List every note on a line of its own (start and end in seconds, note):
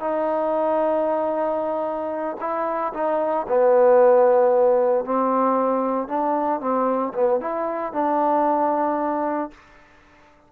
0.00 2.37 D#4
2.40 2.93 E4
2.94 3.46 D#4
3.48 5.05 B3
5.05 6.08 C4
6.08 6.60 D4
6.60 7.13 C4
7.14 7.40 B3
7.40 7.93 E4
7.93 9.50 D4